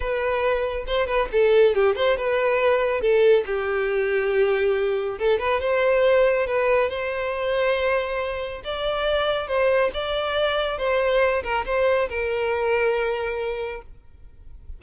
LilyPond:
\new Staff \with { instrumentName = "violin" } { \time 4/4 \tempo 4 = 139 b'2 c''8 b'8 a'4 | g'8 c''8 b'2 a'4 | g'1 | a'8 b'8 c''2 b'4 |
c''1 | d''2 c''4 d''4~ | d''4 c''4. ais'8 c''4 | ais'1 | }